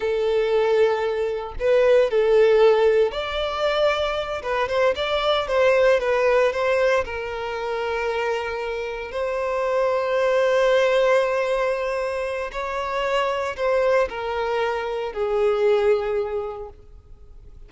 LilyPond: \new Staff \with { instrumentName = "violin" } { \time 4/4 \tempo 4 = 115 a'2. b'4 | a'2 d''2~ | d''8 b'8 c''8 d''4 c''4 b'8~ | b'8 c''4 ais'2~ ais'8~ |
ais'4. c''2~ c''8~ | c''1 | cis''2 c''4 ais'4~ | ais'4 gis'2. | }